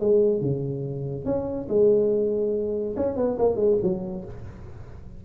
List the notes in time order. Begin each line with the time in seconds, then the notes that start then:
0.00 G#3
0.41 C#3
1.25 C#4
1.69 G#3
2.97 C#4
3.16 B3
3.38 A#3
3.56 G#3
3.83 F#3